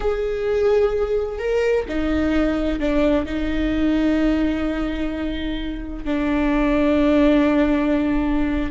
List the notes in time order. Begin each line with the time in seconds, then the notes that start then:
0.00 G#4
1.38 A#4
1.88 D#4
2.79 D4
3.25 D#4
6.04 D4